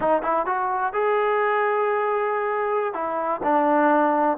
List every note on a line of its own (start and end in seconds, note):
0.00 0.22 D#4
0.22 0.46 E4
0.46 0.93 F#4
0.93 2.93 G#4
2.93 3.40 E4
3.43 4.37 D4